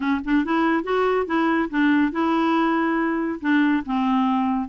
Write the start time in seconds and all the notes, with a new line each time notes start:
0.00 C#4
0.24 D4
0.44 E4
0.83 F#4
1.26 E4
1.69 D4
2.12 E4
3.40 D4
3.85 C4